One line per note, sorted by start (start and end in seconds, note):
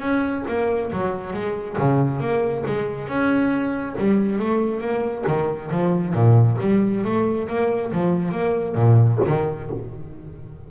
0.00 0.44 C#4
0.48 0.92 A#3
0.92 1.33 F#3
1.33 1.77 G#3
1.78 2.20 C#3
2.20 2.64 A#3
2.66 3.08 G#3
3.08 3.96 C#4
3.98 4.39 G3
4.39 4.81 A3
4.81 5.24 A#3
5.27 5.71 D#3
5.71 6.14 F3
6.14 6.58 A#2
6.60 7.04 G3
7.04 7.48 A3
7.48 7.92 A#3
7.92 8.32 F3
8.32 8.75 A#3
8.75 9.19 A#2
9.26 9.70 D#3